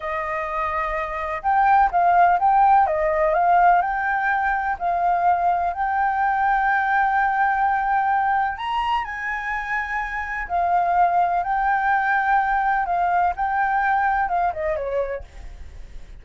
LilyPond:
\new Staff \with { instrumentName = "flute" } { \time 4/4 \tempo 4 = 126 dis''2. g''4 | f''4 g''4 dis''4 f''4 | g''2 f''2 | g''1~ |
g''2 ais''4 gis''4~ | gis''2 f''2 | g''2. f''4 | g''2 f''8 dis''8 cis''4 | }